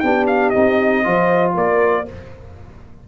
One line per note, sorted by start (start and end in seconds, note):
0.00 0.54 B3
0.00 0.54 D4
0.00 1.06 G4
0.00 0.25 G5
0.27 0.50 F5
0.50 1.06 C4
0.50 1.04 D#4
0.50 1.52 D#5
1.04 1.56 F3
1.04 2.06 F4
1.04 1.55 C5
1.55 2.07 A#3
1.55 2.06 A#4
1.55 2.08 D5